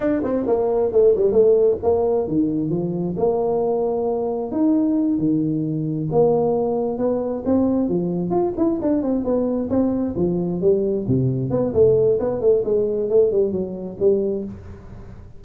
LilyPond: \new Staff \with { instrumentName = "tuba" } { \time 4/4 \tempo 4 = 133 d'8 c'8 ais4 a8 g8 a4 | ais4 dis4 f4 ais4~ | ais2 dis'4. dis8~ | dis4. ais2 b8~ |
b8 c'4 f4 f'8 e'8 d'8 | c'8 b4 c'4 f4 g8~ | g8 c4 b8 a4 b8 a8 | gis4 a8 g8 fis4 g4 | }